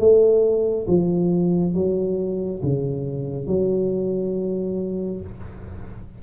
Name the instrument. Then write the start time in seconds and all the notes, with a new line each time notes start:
tuba
0.00 A3
0.88 F3
1.75 F#3
2.63 C#3
3.47 F#3